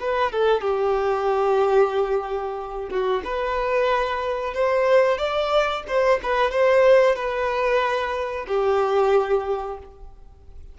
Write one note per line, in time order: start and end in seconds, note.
0.00 0.31 B4
0.31 0.61 A4
0.61 2.89 G4
2.90 3.22 F#4
3.24 4.54 B4
4.54 5.18 C5
5.18 5.83 D5
5.87 6.20 C5
6.23 6.51 B4
6.51 7.15 C5
7.15 8.46 B4
8.48 9.78 G4